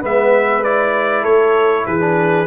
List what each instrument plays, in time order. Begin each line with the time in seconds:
0.00 tuba G#3, trombone B3, horn B4, trumpet E5
0.63 trombone E4, trumpet D5
1.22 tuba A3, horn A4, trumpet C#5
1.85 tuba E3, horn G#4, trumpet B4
2.00 trombone D4